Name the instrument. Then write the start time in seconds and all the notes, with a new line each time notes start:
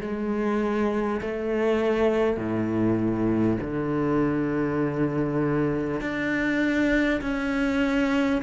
cello
0.00 G#3
1.21 A3
2.37 A2
3.61 D3
6.00 D4
7.21 C#4